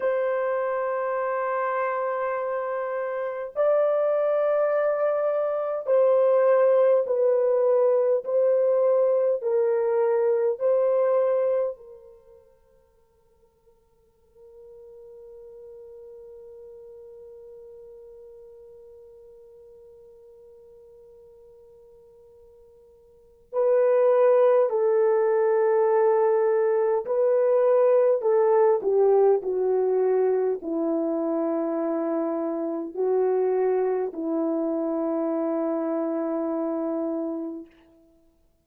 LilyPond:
\new Staff \with { instrumentName = "horn" } { \time 4/4 \tempo 4 = 51 c''2. d''4~ | d''4 c''4 b'4 c''4 | ais'4 c''4 ais'2~ | ais'1~ |
ais'1 | b'4 a'2 b'4 | a'8 g'8 fis'4 e'2 | fis'4 e'2. | }